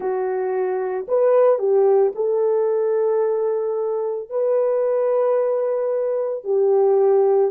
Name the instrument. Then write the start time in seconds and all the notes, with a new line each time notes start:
horn
0.00 F#4
1.08 B4
1.58 G4
2.15 A4
4.29 B4
6.44 G4